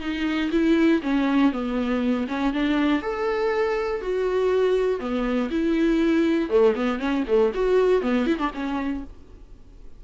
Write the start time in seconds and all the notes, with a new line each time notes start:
0.00 D#4
0.51 E4
1.02 C#4
1.52 B3
2.28 C#4
2.53 D4
3.02 A4
4.01 F#4
5.00 B3
5.51 E4
6.49 A3
6.75 B3
6.99 C#4
7.27 A3
7.54 F#4
8.02 B3
8.26 E4
8.38 D4
8.54 C#4